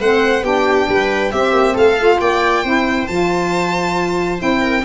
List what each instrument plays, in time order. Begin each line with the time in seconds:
0.00 tuba A3, saxophone C4, viola C5, violin F#5
0.43 tuba B3, saxophone D4, viola G4, violin G5
0.88 tuba G3, viola B4
1.31 saxophone C4, tuba C4, viola G4, violin E5
1.52 tuba A#3
1.74 tuba A3, viola A4, violin F5
1.98 saxophone F4
2.20 tuba A#3, viola D5, violin G5
2.63 tuba C4, saxophone E4, viola C5
3.07 tuba F3, saxophone F4, violin A5
4.38 tuba C4, saxophone E4, violin G5
4.61 viola A#4